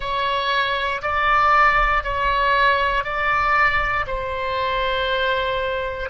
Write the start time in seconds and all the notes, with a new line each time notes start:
0.00 C#5
1.02 D5
2.03 C#5
3.04 D5
4.06 C5